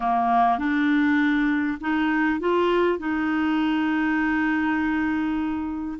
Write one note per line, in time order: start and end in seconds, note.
0.00 0.58 A#3
0.58 1.78 D4
1.80 2.39 D#4
2.39 2.98 F4
2.98 5.98 D#4